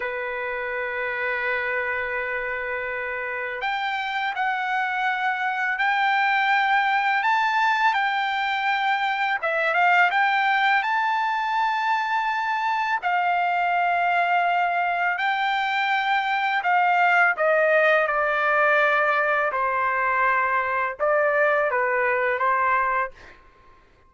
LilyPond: \new Staff \with { instrumentName = "trumpet" } { \time 4/4 \tempo 4 = 83 b'1~ | b'4 g''4 fis''2 | g''2 a''4 g''4~ | g''4 e''8 f''8 g''4 a''4~ |
a''2 f''2~ | f''4 g''2 f''4 | dis''4 d''2 c''4~ | c''4 d''4 b'4 c''4 | }